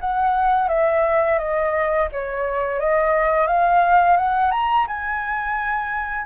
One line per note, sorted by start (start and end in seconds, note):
0.00 0.68 F#5
0.68 1.38 E5
1.38 2.08 D#5
2.12 2.79 C#5
2.79 3.47 D#5
3.47 4.17 F5
4.17 4.51 F#5
4.51 4.86 A#5
4.87 6.26 G#5